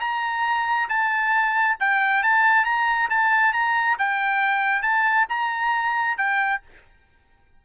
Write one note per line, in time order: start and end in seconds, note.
0.00 0.88 A#5
0.89 1.77 A5
1.80 2.23 G5
2.23 2.65 A5
2.65 3.09 A#5
3.09 3.53 A5
3.53 3.97 A#5
3.98 4.82 G5
4.82 5.26 A5
5.29 6.17 A#5
6.17 6.61 G5